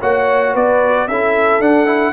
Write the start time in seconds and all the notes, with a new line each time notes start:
0.00 A#3 F#4 C#5 F#5
0.53 B3 B4 D5
1.07 C#4 E4 A4 E5
1.60 D4 F#5
1.86 E4